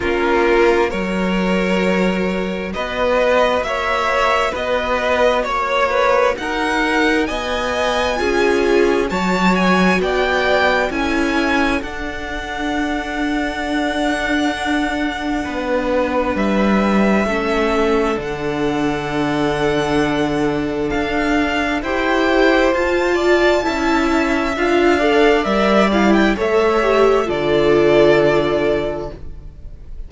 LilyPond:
<<
  \new Staff \with { instrumentName = "violin" } { \time 4/4 \tempo 4 = 66 ais'4 cis''2 dis''4 | e''4 dis''4 cis''4 fis''4 | gis''2 a''8 gis''8 g''4 | gis''4 fis''2.~ |
fis''2 e''2 | fis''2. f''4 | g''4 a''2 f''4 | e''8 f''16 g''16 e''4 d''2 | }
  \new Staff \with { instrumentName = "violin" } { \time 4/4 f'4 ais'2 b'4 | cis''4 b'4 cis''8 b'8 ais'4 | dis''4 gis'4 cis''4 d''4 | a'1~ |
a'4 b'2 a'4~ | a'1 | c''4. d''8 e''4. d''8~ | d''4 cis''4 a'2 | }
  \new Staff \with { instrumentName = "viola" } { \time 4/4 cis'4 fis'2.~ | fis'1~ | fis'4 f'4 fis'2 | e'4 d'2.~ |
d'2. cis'4 | d'1 | g'4 f'4 e'4 f'8 a'8 | ais'8 e'8 a'8 g'8 f'2 | }
  \new Staff \with { instrumentName = "cello" } { \time 4/4 ais4 fis2 b4 | ais4 b4 ais4 dis'4 | b4 cis'4 fis4 b4 | cis'4 d'2.~ |
d'4 b4 g4 a4 | d2. d'4 | e'4 f'4 cis'4 d'4 | g4 a4 d2 | }
>>